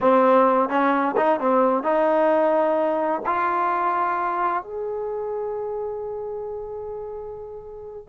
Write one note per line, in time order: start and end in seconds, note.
0.00 0.69 C4
0.69 1.15 C#4
1.16 1.40 D#4
1.40 1.83 C4
1.83 3.21 D#4
3.26 4.63 F4
4.63 8.08 G#4